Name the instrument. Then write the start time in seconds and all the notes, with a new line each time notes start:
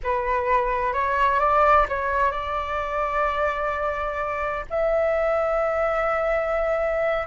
flute
0.03 B4
0.93 C#5
1.39 D5
1.89 C#5
2.31 D5
4.69 E5